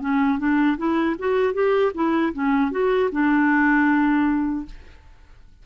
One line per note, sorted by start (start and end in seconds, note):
0.00 0.38 C#4
0.38 0.77 D4
0.77 1.15 E4
1.19 1.53 F#4
1.53 1.92 G4
1.94 2.33 E4
2.33 2.71 C#4
2.71 3.09 F#4
3.11 4.65 D4